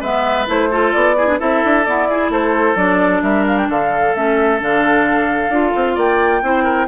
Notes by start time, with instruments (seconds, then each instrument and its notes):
0.00 bassoon G#3, clarinet B3, oboe B4, flute E5
0.47 bassoon A3, clarinet E4, flute C5
0.70 clarinet F4, oboe A4
0.92 bassoon B3, flute D5
1.16 clarinet E4, oboe G#4
1.27 clarinet D4
1.39 bassoon C4, clarinet E4, oboe A4, flute E5
1.64 bassoon D4
1.85 clarinet B3, bassoon E4, flute D5
2.09 clarinet E4, oboe G#4
2.29 bassoon A3, oboe A4, flute C5
2.75 bassoon F#3, clarinet D4, flute D5
3.22 bassoon G3, oboe A#4, flute E5
3.47 flute F5
3.57 flute G5
3.69 bassoon D3, oboe A4, flute F5
4.15 bassoon A3, clarinet C#4, flute E5
4.59 bassoon D3, clarinet D4, flute F5
5.49 bassoon D4, clarinet F4
5.75 bassoon C4
5.94 bassoon A#3, oboe D5, flute G5
6.42 bassoon C4, clarinet E4, oboe C5
6.63 oboe A#4